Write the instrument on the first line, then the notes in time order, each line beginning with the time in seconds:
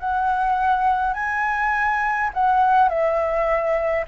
flute
0.00 F#5
1.14 G#5
2.34 F#5
2.89 E5